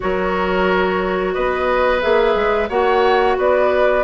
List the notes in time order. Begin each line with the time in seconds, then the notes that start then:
0.00 F#3 F#4 A#4 C#5
1.33 B3 B4 D#5
2.01 A#3 G#4 E5
2.35 G#3
2.69 A#3 F#4 C#5 F#5
3.37 B3 B4 D5